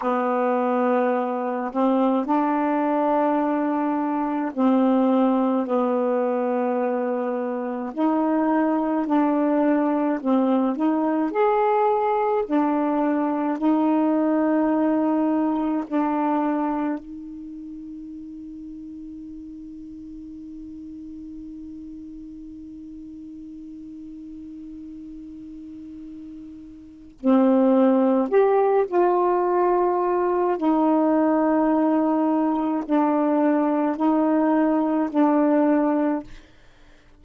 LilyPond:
\new Staff \with { instrumentName = "saxophone" } { \time 4/4 \tempo 4 = 53 b4. c'8 d'2 | c'4 b2 dis'4 | d'4 c'8 dis'8 gis'4 d'4 | dis'2 d'4 dis'4~ |
dis'1~ | dis'1 | c'4 g'8 f'4. dis'4~ | dis'4 d'4 dis'4 d'4 | }